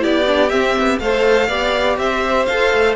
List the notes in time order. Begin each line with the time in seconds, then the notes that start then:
0.00 B3 E4 G4 D5
0.27 D4
0.49 C4 E5
0.79 B3
0.99 A3 A4 C5 F5
1.48 B3 G4 D5
1.98 C4 C5 E5
2.46 F4 A4 F5
2.73 A3